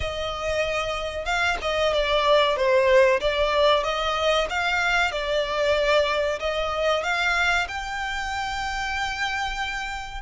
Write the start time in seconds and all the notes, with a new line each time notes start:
0.00 D#5
1.25 F5
1.61 D#5
1.93 D5
2.56 C5
3.20 D5
3.83 D#5
4.49 F5
5.11 D5
6.39 D#5
7.03 F5
7.67 G5